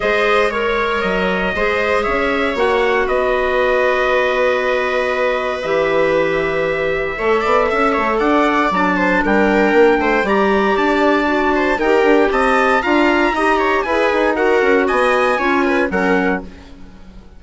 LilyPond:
<<
  \new Staff \with { instrumentName = "trumpet" } { \time 4/4 \tempo 4 = 117 dis''4 cis''4 dis''2 | e''4 fis''4 dis''2~ | dis''2. e''4~ | e''1 |
fis''4 a''4 g''2 | ais''4 a''2 g''4 | a''4 ais''2 gis''4 | fis''4 gis''2 fis''4 | }
  \new Staff \with { instrumentName = "viola" } { \time 4/4 c''4 cis''2 c''4 | cis''2 b'2~ | b'1~ | b'2 cis''8 d''8 e''8 cis''8 |
d''4. c''8 ais'4. c''8 | d''2~ d''8 c''8 ais'4 | dis''4 f''4 dis''8 cis''8 b'4 | ais'4 dis''4 cis''8 b'8 ais'4 | }
  \new Staff \with { instrumentName = "clarinet" } { \time 4/4 gis'4 ais'2 gis'4~ | gis'4 fis'2.~ | fis'2. g'4~ | g'2 a'2~ |
a'4 d'2. | g'2 fis'4 g'4~ | g'4 f'4 g'4 gis'4 | fis'2 f'4 cis'4 | }
  \new Staff \with { instrumentName = "bassoon" } { \time 4/4 gis2 fis4 gis4 | cis'4 ais4 b2~ | b2. e4~ | e2 a8 b8 cis'8 a8 |
d'4 fis4 g4 ais8 a8 | g4 d'2 dis'8 d'8 | c'4 d'4 dis'4 e'8 dis'8~ | dis'8 cis'8 b4 cis'4 fis4 | }
>>